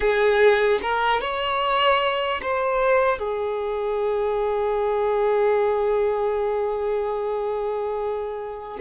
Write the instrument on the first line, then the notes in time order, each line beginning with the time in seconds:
violin
0.00 G#4
0.81 A#4
1.20 C#5
2.41 C5
3.18 G#4